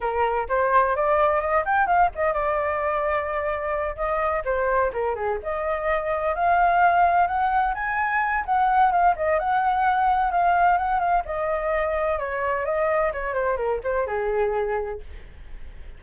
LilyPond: \new Staff \with { instrumentName = "flute" } { \time 4/4 \tempo 4 = 128 ais'4 c''4 d''4 dis''8 g''8 | f''8 dis''8 d''2.~ | d''8 dis''4 c''4 ais'8 gis'8 dis''8~ | dis''4. f''2 fis''8~ |
fis''8 gis''4. fis''4 f''8 dis''8 | fis''2 f''4 fis''8 f''8 | dis''2 cis''4 dis''4 | cis''8 c''8 ais'8 c''8 gis'2 | }